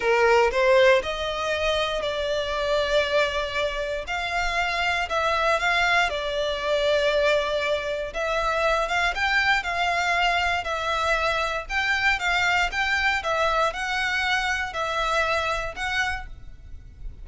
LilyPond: \new Staff \with { instrumentName = "violin" } { \time 4/4 \tempo 4 = 118 ais'4 c''4 dis''2 | d''1 | f''2 e''4 f''4 | d''1 |
e''4. f''8 g''4 f''4~ | f''4 e''2 g''4 | f''4 g''4 e''4 fis''4~ | fis''4 e''2 fis''4 | }